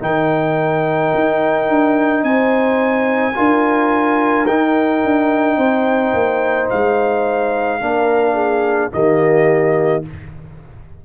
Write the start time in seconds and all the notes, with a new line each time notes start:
0.00 D#3 D#4 A#4 G5
1.15 D#4
1.69 D4
2.23 C4 C5 G#5
3.35 D4 F4 A#4
4.47 D#4 G5
5.05 D4
5.58 C4 C5
6.14 A#3
6.70 G#3 F5
7.81 A#3 D4 A#4
8.34 G#4
8.92 D#3 A#3 G4 D#5